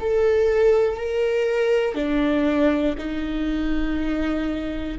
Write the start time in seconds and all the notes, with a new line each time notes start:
0.00 A4
0.96 A#4
1.95 D4
2.98 D#4